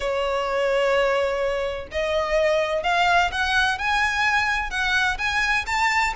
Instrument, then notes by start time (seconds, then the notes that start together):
violin
0.00 C#5
1.91 D#5
2.83 F5
3.31 F#5
3.78 G#5
4.70 F#5
5.18 G#5
5.66 A5